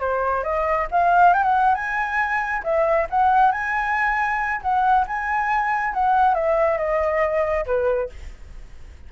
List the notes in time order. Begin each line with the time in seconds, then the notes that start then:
0.00 C5
0.43 D#5
0.91 F5
1.33 G5
1.43 F#5
1.75 G#5
2.63 E5
3.10 F#5
3.52 G#5
4.62 F#5
5.07 G#5
5.94 F#5
6.34 E5
6.78 D#5
7.66 B4